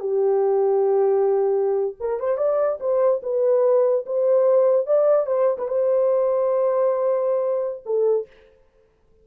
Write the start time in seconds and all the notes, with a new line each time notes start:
0.00 G4
2.00 A#4
2.19 C5
2.37 D5
2.80 C5
3.23 B4
4.06 C5
4.86 D5
5.26 C5
5.58 B4
5.68 C5
7.85 A4